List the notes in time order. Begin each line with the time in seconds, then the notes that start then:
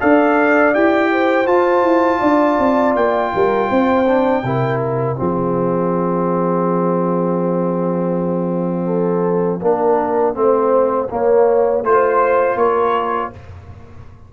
0.00 D4 A4 D5 F5
0.74 E4 G4 G5
1.12 C5
1.46 F4 A5
1.83 E4
2.20 D4 D5
2.59 C4
2.96 A#3 G5
3.35 G3 A#4
3.69 C4 C5
4.07 D4
4.44 C3 E4 A#4
4.81 F5
5.16 F3 C4 G#4
8.86 A4
9.62 A#3 D4 A#4
10.34 A3 C4 C5
11.10 A#3 C#5
11.83 A3 F4 C5
12.56 A#3 A#4 C#5